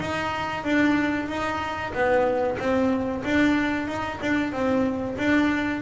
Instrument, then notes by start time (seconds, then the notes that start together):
double bass
0.00 D#4
0.64 D4
1.29 D#4
1.94 B3
2.59 C4
3.25 D4
3.88 D#4
4.22 D4
4.53 C4
5.18 D4